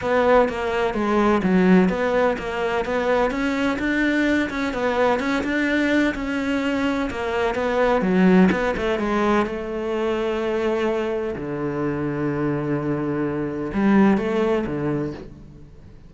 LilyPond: \new Staff \with { instrumentName = "cello" } { \time 4/4 \tempo 4 = 127 b4 ais4 gis4 fis4 | b4 ais4 b4 cis'4 | d'4. cis'8 b4 cis'8 d'8~ | d'4 cis'2 ais4 |
b4 fis4 b8 a8 gis4 | a1 | d1~ | d4 g4 a4 d4 | }